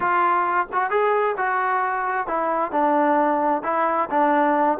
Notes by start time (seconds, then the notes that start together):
0.00 F4
0.72 F#4
0.90 G#4
1.37 F#4
2.27 E4
2.71 D4
3.63 E4
4.10 D4